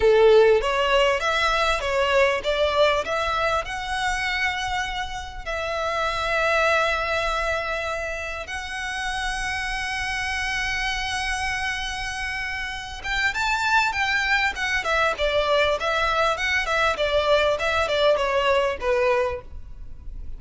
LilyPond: \new Staff \with { instrumentName = "violin" } { \time 4/4 \tempo 4 = 99 a'4 cis''4 e''4 cis''4 | d''4 e''4 fis''2~ | fis''4 e''2.~ | e''2 fis''2~ |
fis''1~ | fis''4. g''8 a''4 g''4 | fis''8 e''8 d''4 e''4 fis''8 e''8 | d''4 e''8 d''8 cis''4 b'4 | }